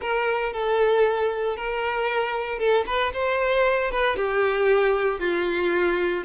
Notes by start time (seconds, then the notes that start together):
0.01 A#4
0.52 A4
1.56 A#4
2.58 A4
2.86 B4
3.13 C5
3.91 B4
4.16 G4
5.19 F4